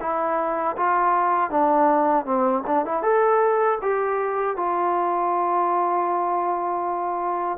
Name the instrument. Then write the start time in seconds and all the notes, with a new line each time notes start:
trombone
0.00 E4
0.77 F4
1.50 D4
2.25 C4
2.67 D4
2.85 E4
3.02 A4
3.81 G4
4.56 F4